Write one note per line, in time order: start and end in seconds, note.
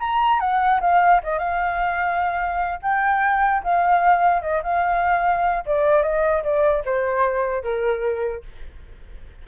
0.00 0.40 A#5
0.40 0.80 F#5
0.81 1.21 F5
1.23 1.38 D#5
1.38 2.79 F5
2.82 3.63 G5
3.63 4.42 F5
4.42 4.62 D#5
4.63 5.64 F5
5.66 6.03 D5
6.03 6.43 D#5
6.43 6.83 D5
6.85 7.63 C5
7.63 8.43 A#4